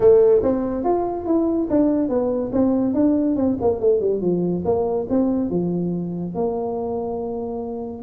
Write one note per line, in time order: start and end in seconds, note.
0.00 0.41 A3
0.42 0.84 C4
0.84 1.26 F4
1.26 1.68 E4
1.69 2.08 D4
2.08 2.51 B3
2.52 2.94 C4
2.94 3.36 D4
3.36 3.57 C4
3.61 3.80 A#3
3.80 4.00 A3
4.00 4.21 G3
4.21 4.63 F3
4.64 5.07 A#3
5.09 5.50 C4
5.50 6.34 F3
6.34 8.02 A#3